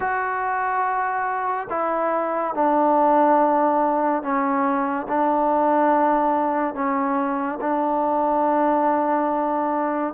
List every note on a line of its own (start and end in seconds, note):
0.00 1.68 F#4
1.69 2.54 E4
2.54 4.22 D4
4.22 5.07 C#4
5.08 6.74 D4
6.74 7.58 C#4
7.60 10.14 D4